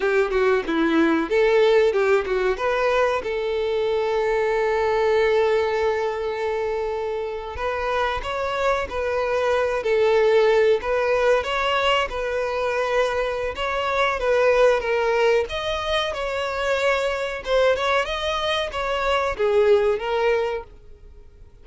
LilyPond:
\new Staff \with { instrumentName = "violin" } { \time 4/4 \tempo 4 = 93 g'8 fis'8 e'4 a'4 g'8 fis'8 | b'4 a'2.~ | a'2.~ a'8. b'16~ | b'8. cis''4 b'4. a'8.~ |
a'8. b'4 cis''4 b'4~ b'16~ | b'4 cis''4 b'4 ais'4 | dis''4 cis''2 c''8 cis''8 | dis''4 cis''4 gis'4 ais'4 | }